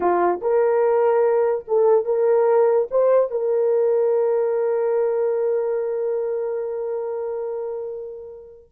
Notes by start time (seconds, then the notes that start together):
0.00 F4
0.41 A#4
1.67 A4
2.05 A#4
2.91 C5
3.30 A#4